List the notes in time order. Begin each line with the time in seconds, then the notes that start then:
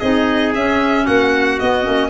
0.00 C4 D#4 G#4 D#5
0.55 C#4 E5
1.05 A#3 F#4 F#5
1.60 B3 D#5
1.83 A#3 C#4